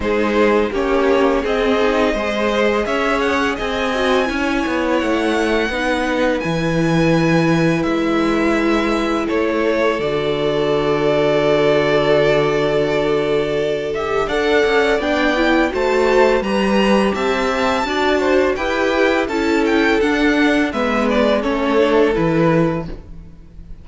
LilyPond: <<
  \new Staff \with { instrumentName = "violin" } { \time 4/4 \tempo 4 = 84 c''4 cis''4 dis''2 | e''8 fis''8 gis''2 fis''4~ | fis''4 gis''2 e''4~ | e''4 cis''4 d''2~ |
d''2.~ d''8 e''8 | fis''4 g''4 a''4 ais''4 | a''2 g''4 a''8 g''8 | fis''4 e''8 d''8 cis''4 b'4 | }
  \new Staff \with { instrumentName = "violin" } { \time 4/4 gis'4 g'4 gis'4 c''4 | cis''4 dis''4 cis''2 | b'1~ | b'4 a'2.~ |
a'1 | d''2 c''4 b'4 | e''4 d''8 c''8 b'4 a'4~ | a'4 b'4 a'2 | }
  \new Staff \with { instrumentName = "viola" } { \time 4/4 dis'4 cis'4 c'8 dis'8 gis'4~ | gis'4. fis'8 e'2 | dis'4 e'2.~ | e'2 fis'2~ |
fis'2.~ fis'8 g'8 | a'4 d'8 e'8 fis'4 g'4~ | g'4 fis'4 g'4 e'4 | d'4 b4 cis'8 d'8 e'4 | }
  \new Staff \with { instrumentName = "cello" } { \time 4/4 gis4 ais4 c'4 gis4 | cis'4 c'4 cis'8 b8 a4 | b4 e2 gis4~ | gis4 a4 d2~ |
d1 | d'8 cis'8 b4 a4 g4 | c'4 d'4 e'4 cis'4 | d'4 gis4 a4 e4 | }
>>